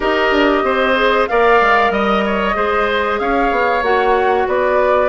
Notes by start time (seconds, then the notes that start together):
0.00 D#4 G4 A#4 D#5
0.31 D4
0.63 C4 C5
0.95 G#4
1.27 A#3 A#4 D5 F5
1.61 G#3
1.90 G3 D#5
2.25 C#5
2.53 G#3 G#4 C5
3.19 C#4 C#5 F5
3.51 B3
3.82 A#3 F#4 F#5
4.47 B3 B4 D5